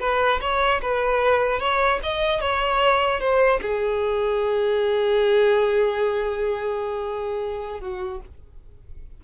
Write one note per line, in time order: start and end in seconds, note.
0.00 0.40 B4
0.41 0.81 C#5
0.82 1.60 B4
1.60 2.00 C#5
2.03 2.41 D#5
2.41 3.20 C#5
3.20 3.60 C5
3.61 7.80 G#4
7.80 8.20 F#4